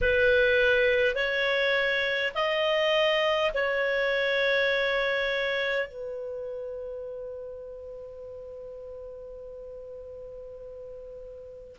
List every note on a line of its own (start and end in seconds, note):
0.01 1.15 B4
1.15 2.33 C#5
2.34 3.51 D#5
3.53 5.88 C#5
5.88 11.76 B4